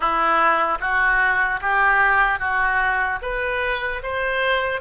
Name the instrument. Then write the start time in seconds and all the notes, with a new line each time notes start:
oboe
0.00 E4
0.80 F#4
1.61 G4
2.39 F#4
3.21 B4
4.02 C5